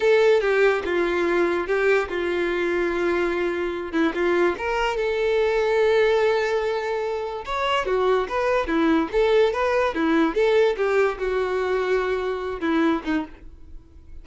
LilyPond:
\new Staff \with { instrumentName = "violin" } { \time 4/4 \tempo 4 = 145 a'4 g'4 f'2 | g'4 f'2.~ | f'4. e'8 f'4 ais'4 | a'1~ |
a'2 cis''4 fis'4 | b'4 e'4 a'4 b'4 | e'4 a'4 g'4 fis'4~ | fis'2~ fis'8 e'4 dis'8 | }